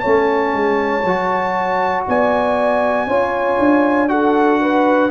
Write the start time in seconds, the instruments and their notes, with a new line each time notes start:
0.00 tuba A3, trombone C#4, horn C#5, trumpet A5
0.54 tuba G#3
1.04 tuba F#3, trombone F#4
2.08 tuba B3, horn D5, trumpet G#5
3.07 tuba C#4, trombone F4, horn C#5
3.59 tuba D4
4.09 trombone F#4, horn A4, trumpet F#5
4.61 horn B4